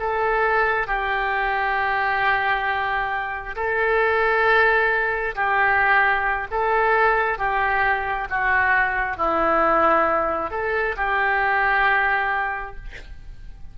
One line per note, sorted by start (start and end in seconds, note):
0.00 0.87 A4
0.87 3.56 G4
3.56 5.35 A4
5.36 6.48 G4
6.51 7.38 A4
7.38 8.28 G4
8.30 9.17 F#4
9.17 10.51 E4
10.51 10.96 A4
10.97 12.76 G4